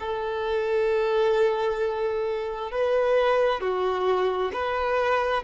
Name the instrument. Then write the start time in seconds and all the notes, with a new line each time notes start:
violin
0.00 A4
2.71 B4
3.61 F#4
4.53 B4